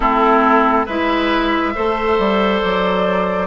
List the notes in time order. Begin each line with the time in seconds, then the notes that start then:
0.00 A3 C4 E4 A4
0.86 G#3 E4 B4 E5
1.74 A3 A4 C5
2.18 G3
2.60 F#3 D5